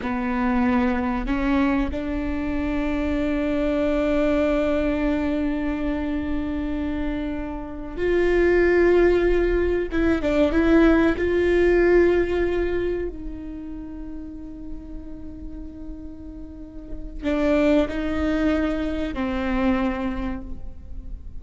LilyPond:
\new Staff \with { instrumentName = "viola" } { \time 4/4 \tempo 4 = 94 b2 cis'4 d'4~ | d'1~ | d'1~ | d'8 f'2. e'8 |
d'8 e'4 f'2~ f'8~ | f'8 dis'2.~ dis'8~ | dis'2. d'4 | dis'2 c'2 | }